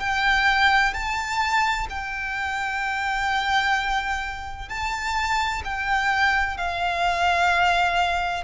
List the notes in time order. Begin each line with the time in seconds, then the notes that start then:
0.00 G5
0.94 A5
1.90 G5
4.69 A5
5.65 G5
6.58 F5